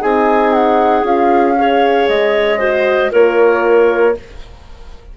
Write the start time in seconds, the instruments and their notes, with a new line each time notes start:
0.00 bassoon C4, horn D#4, clarinet G#4, flute G#5
0.53 flute F#5
1.03 bassoon C#4, horn F4, flute F5
1.58 horn G#4, clarinet C#5
2.08 bassoon G#3, flute D#5
2.59 horn F#4, clarinet C5
3.11 bassoon A#3, horn F4, clarinet A#4, flute C#5